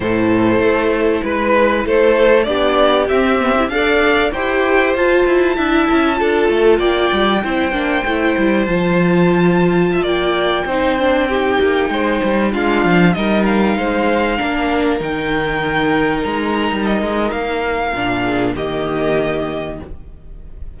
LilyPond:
<<
  \new Staff \with { instrumentName = "violin" } { \time 4/4 \tempo 4 = 97 c''2 b'4 c''4 | d''4 e''4 f''4 g''4 | a''2. g''4~ | g''2 a''2~ |
a''16 g''2.~ g''8.~ | g''16 f''4 dis''8 f''2~ f''16~ | f''16 g''2 ais''4 dis''8. | f''2 dis''2 | }
  \new Staff \with { instrumentName = "violin" } { \time 4/4 a'2 b'4 a'4 | g'2 d''4 c''4~ | c''4 e''4 a'4 d''4 | c''1 |
e''16 d''4 c''4 g'4 c''8.~ | c''16 f'4 ais'4 c''4 ais'8.~ | ais'1~ | ais'4. gis'8 g'2 | }
  \new Staff \with { instrumentName = "viola" } { \time 4/4 e'1 | d'4 c'8 b16 e'16 a'4 g'4 | f'4 e'4 f'2 | e'8 d'8 e'4 f'2~ |
f'4~ f'16 dis'8 d'8 dis'4.~ dis'16~ | dis'16 d'4 dis'2 d'8.~ | d'16 dis'2.~ dis'8.~ | dis'4 d'4 ais2 | }
  \new Staff \with { instrumentName = "cello" } { \time 4/4 a,4 a4 gis4 a4 | b4 c'4 d'4 e'4 | f'8 e'8 d'8 cis'8 d'8 a8 ais8 g8 | c'8 ais8 a8 g8 f2~ |
f16 ais4 c'4. ais8 gis8 g16~ | g16 gis8 f8 g4 gis4 ais8.~ | ais16 dis2 gis8. g8 gis8 | ais4 ais,4 dis2 | }
>>